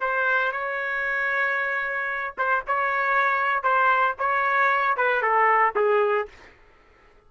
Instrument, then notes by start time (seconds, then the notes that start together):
trumpet
0.00 C5
0.52 C#5
2.38 C5
2.67 C#5
3.63 C5
4.19 C#5
4.97 B4
5.22 A4
5.76 G#4